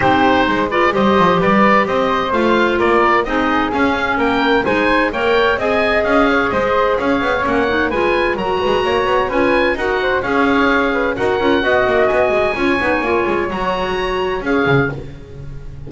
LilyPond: <<
  \new Staff \with { instrumentName = "oboe" } { \time 4/4 \tempo 4 = 129 c''4. d''8 dis''4 d''4 | dis''4 f''4 d''4 dis''4 | f''4 g''4 gis''4 g''4 | gis''4 f''4 dis''4 f''4 |
fis''4 gis''4 ais''2 | gis''4 fis''4 f''2 | fis''2 gis''2~ | gis''4 ais''2 f''4 | }
  \new Staff \with { instrumentName = "flute" } { \time 4/4 g'4 c''8 b'8 c''4 b'4 | c''2 ais'4 gis'4~ | gis'4 ais'4 c''4 cis''4 | dis''4. cis''8 c''4 cis''4~ |
cis''4 b'4 ais'8 b'8 cis''4 | b'4 ais'8 c''8 cis''4. b'8 | ais'4 dis''2 cis''4~ | cis''1 | }
  \new Staff \with { instrumentName = "clarinet" } { \time 4/4 dis'4. f'8 g'2~ | g'4 f'2 dis'4 | cis'2 dis'4 ais'4 | gis'1 |
cis'8 dis'8 f'4 fis'2 | f'4 fis'4 gis'2 | fis'8 f'8 fis'2 f'8 dis'8 | f'4 fis'2 gis'4 | }
  \new Staff \with { instrumentName = "double bass" } { \time 4/4 c'4 gis4 g8 f8 g4 | c'4 a4 ais4 c'4 | cis'4 ais4 gis4 ais4 | c'4 cis'4 gis4 cis'8 b8 |
ais4 gis4 fis8 gis8 ais8 b8 | cis'4 dis'4 cis'2 | dis'8 cis'8 b8 ais8 b8 gis8 cis'8 b8 | ais8 gis8 fis2 cis'8 cis8 | }
>>